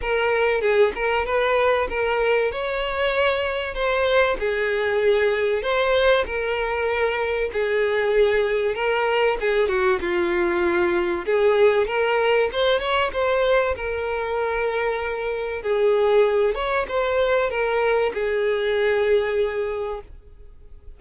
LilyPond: \new Staff \with { instrumentName = "violin" } { \time 4/4 \tempo 4 = 96 ais'4 gis'8 ais'8 b'4 ais'4 | cis''2 c''4 gis'4~ | gis'4 c''4 ais'2 | gis'2 ais'4 gis'8 fis'8 |
f'2 gis'4 ais'4 | c''8 cis''8 c''4 ais'2~ | ais'4 gis'4. cis''8 c''4 | ais'4 gis'2. | }